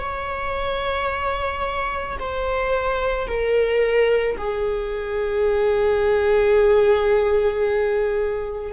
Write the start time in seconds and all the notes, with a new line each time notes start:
0.00 C#5
2.20 C5
3.28 A#4
4.38 G#4